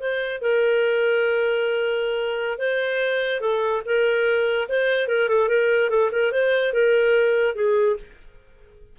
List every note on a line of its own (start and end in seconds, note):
0.00 0.41 C5
0.42 2.58 A#4
2.58 3.41 C5
3.41 3.82 A4
3.85 4.68 A#4
4.69 5.08 C5
5.08 5.29 A#4
5.29 5.49 A4
5.49 5.90 A#4
5.90 6.10 A4
6.12 6.32 A#4
6.32 6.73 C5
6.73 7.55 A#4
7.55 7.96 G#4